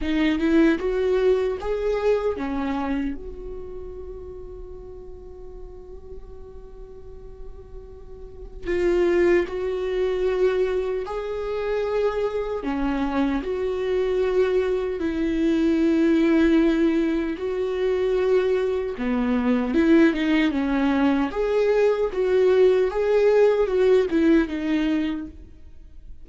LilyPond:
\new Staff \with { instrumentName = "viola" } { \time 4/4 \tempo 4 = 76 dis'8 e'8 fis'4 gis'4 cis'4 | fis'1~ | fis'2. f'4 | fis'2 gis'2 |
cis'4 fis'2 e'4~ | e'2 fis'2 | b4 e'8 dis'8 cis'4 gis'4 | fis'4 gis'4 fis'8 e'8 dis'4 | }